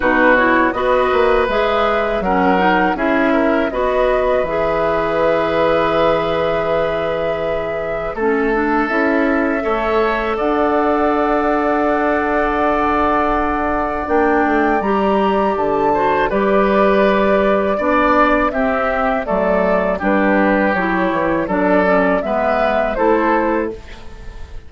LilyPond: <<
  \new Staff \with { instrumentName = "flute" } { \time 4/4 \tempo 4 = 81 b'8 cis''8 dis''4 e''4 fis''4 | e''4 dis''4 e''2~ | e''2. a'4 | e''2 fis''2~ |
fis''2. g''4 | ais''4 a''4 d''2~ | d''4 e''4 d''4 b'4 | cis''4 d''4 e''4 c''4 | }
  \new Staff \with { instrumentName = "oboe" } { \time 4/4 fis'4 b'2 ais'4 | gis'8 ais'8 b'2.~ | b'2. a'4~ | a'4 cis''4 d''2~ |
d''1~ | d''4. c''8 b'2 | d''4 g'4 a'4 g'4~ | g'4 a'4 b'4 a'4 | }
  \new Staff \with { instrumentName = "clarinet" } { \time 4/4 dis'8 e'8 fis'4 gis'4 cis'8 dis'8 | e'4 fis'4 gis'2~ | gis'2. cis'8 d'8 | e'4 a'2.~ |
a'2. d'4 | g'4. fis'8 g'2 | d'4 c'4 a4 d'4 | e'4 d'8 cis'8 b4 e'4 | }
  \new Staff \with { instrumentName = "bassoon" } { \time 4/4 b,4 b8 ais8 gis4 fis4 | cis'4 b4 e2~ | e2. a4 | cis'4 a4 d'2~ |
d'2. ais8 a8 | g4 d4 g2 | b4 c'4 fis4 g4 | fis8 e8 fis4 gis4 a4 | }
>>